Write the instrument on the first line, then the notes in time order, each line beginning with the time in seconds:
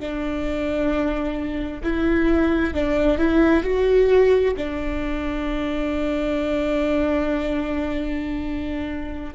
viola
0.00 D4
1.83 E4
2.74 D4
3.19 E4
3.63 F#4
4.57 D4